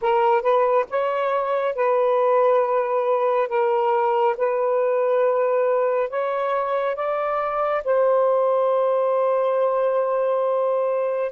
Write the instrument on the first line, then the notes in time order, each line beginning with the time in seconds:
saxophone
0.01 A#4
0.42 B4
0.89 C#5
1.75 B4
3.48 A#4
4.37 B4
6.09 C#5
6.95 D5
7.84 C5